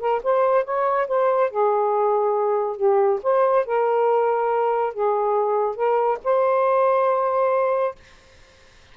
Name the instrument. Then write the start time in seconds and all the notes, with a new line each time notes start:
saxophone
0.00 A#4
0.23 C5
0.64 C#5
1.08 C5
1.50 G#4
2.76 G4
3.23 C5
3.65 A#4
4.93 G#4
5.75 A#4
6.24 C5